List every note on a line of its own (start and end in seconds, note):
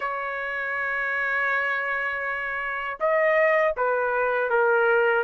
0.00 2.98 C#5
3.00 3.75 D#5
3.76 4.50 B4
4.50 5.24 A#4